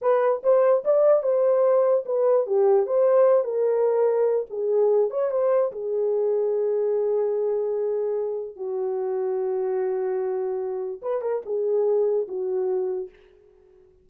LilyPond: \new Staff \with { instrumentName = "horn" } { \time 4/4 \tempo 4 = 147 b'4 c''4 d''4 c''4~ | c''4 b'4 g'4 c''4~ | c''8 ais'2~ ais'8 gis'4~ | gis'8 cis''8 c''4 gis'2~ |
gis'1~ | gis'4 fis'2.~ | fis'2. b'8 ais'8 | gis'2 fis'2 | }